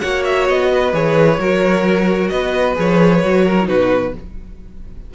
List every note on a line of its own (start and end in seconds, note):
0.00 0.49 A#3
0.00 0.92 F#4
0.00 0.70 C#5
0.00 0.23 F#5
0.25 0.47 E5
0.49 0.93 B3
0.49 0.94 D#5
0.72 1.40 B4
0.93 1.38 E3
0.93 1.39 G#4
0.93 2.29 C#5
1.39 2.31 F#3
1.39 2.75 F#4
1.39 2.31 A#4
2.29 2.77 B3
2.29 3.45 B4
2.29 2.74 D#5
2.75 3.23 F3
2.75 3.21 G#4
2.75 3.68 C#5
3.23 3.69 F#3
3.23 3.58 F#4
3.45 3.68 A#4
3.60 4.10 D#4
3.60 3.65 E4
3.68 4.14 B2
3.68 4.14 F#4
3.68 4.14 B4